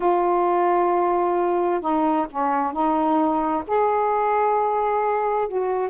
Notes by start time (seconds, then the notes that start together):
0.00 F4
1.81 D#4
2.30 C#4
2.72 D#4
3.67 G#4
5.48 F#4